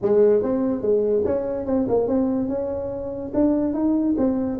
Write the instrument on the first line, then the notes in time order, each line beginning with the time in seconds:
tuba
0.02 G#3
0.43 C4
0.81 G#3
1.25 C#4
1.66 C4
1.88 A#3
2.07 C4
2.48 C#4
3.34 D4
3.73 D#4
4.17 C4